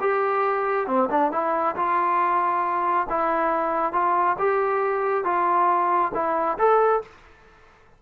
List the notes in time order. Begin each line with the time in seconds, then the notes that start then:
0.00 G4
0.87 C4
1.10 D4
1.31 E4
1.75 F4
3.09 E4
3.92 F4
4.38 G4
5.24 F4
6.14 E4
6.58 A4